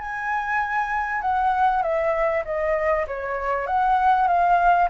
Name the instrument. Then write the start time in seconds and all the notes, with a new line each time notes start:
flute
0.00 G#5
1.22 F#5
1.83 E5
2.45 D#5
3.07 C#5
3.67 F#5
4.28 F5